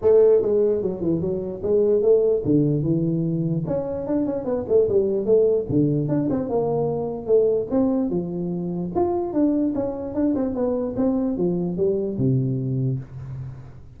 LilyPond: \new Staff \with { instrumentName = "tuba" } { \time 4/4 \tempo 4 = 148 a4 gis4 fis8 e8 fis4 | gis4 a4 d4 e4~ | e4 cis'4 d'8 cis'8 b8 a8 | g4 a4 d4 d'8 c'8 |
ais2 a4 c'4 | f2 f'4 d'4 | cis'4 d'8 c'8 b4 c'4 | f4 g4 c2 | }